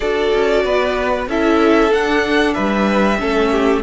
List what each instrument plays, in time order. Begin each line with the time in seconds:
0.00 cello D4, viola F#4, violin A4 D5
0.33 cello C#4
0.64 cello B3, violin B4
1.27 cello C#4, viola E4, violin A4 E5
1.90 viola D4, cello D4, violin F#5
2.53 cello G3, violin B4 E5
3.18 cello A3, viola C#4, violin A4
3.51 violin G4